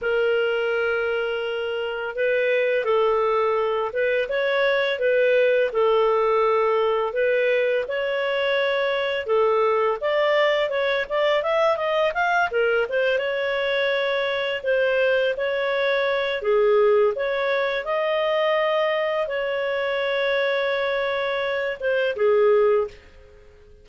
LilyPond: \new Staff \with { instrumentName = "clarinet" } { \time 4/4 \tempo 4 = 84 ais'2. b'4 | a'4. b'8 cis''4 b'4 | a'2 b'4 cis''4~ | cis''4 a'4 d''4 cis''8 d''8 |
e''8 dis''8 f''8 ais'8 c''8 cis''4.~ | cis''8 c''4 cis''4. gis'4 | cis''4 dis''2 cis''4~ | cis''2~ cis''8 c''8 gis'4 | }